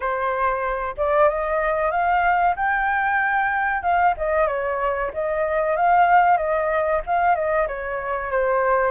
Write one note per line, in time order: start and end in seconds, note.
0.00 0.95 C5
0.97 1.29 D5
1.29 1.91 D#5
1.91 2.55 F5
2.56 3.82 G5
3.82 4.14 F5
4.17 4.47 D#5
4.47 5.11 C#5
5.13 5.76 D#5
5.76 6.37 F5
6.37 7.01 D#5
7.06 7.35 F5
7.35 7.67 D#5
7.67 8.31 C#5
8.31 8.91 C5